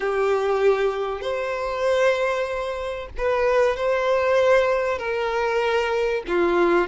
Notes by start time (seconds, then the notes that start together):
0.00 G4
1.21 C5
3.17 B4
3.76 C5
4.98 A#4
6.27 F4